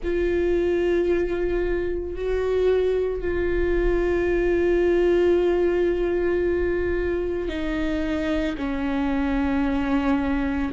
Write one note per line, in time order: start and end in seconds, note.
0.03 2.15 F4
2.15 3.21 F#4
3.21 7.48 F4
7.48 8.55 D#4
8.57 10.71 C#4